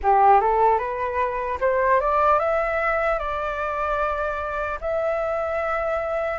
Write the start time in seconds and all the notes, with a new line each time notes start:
0.02 G4
0.40 A4
0.78 B4
1.60 C5
2.00 D5
2.39 E5
3.18 D5
4.80 E5